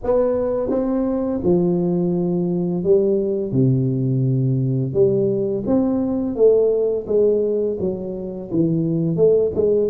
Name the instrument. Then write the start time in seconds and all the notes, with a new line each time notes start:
tuba
0.03 B3
0.69 C4
1.43 F3
2.83 G3
3.51 C3
4.93 G3
5.66 C4
6.35 A3
7.07 G#3
7.80 F#3
8.51 E3
9.16 A3
9.55 G#3